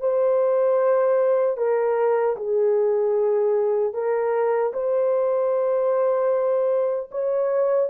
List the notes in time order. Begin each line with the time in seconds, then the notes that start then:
0.00 C5
1.57 A#4
2.36 G#4
3.93 A#4
4.73 C5
7.11 C#5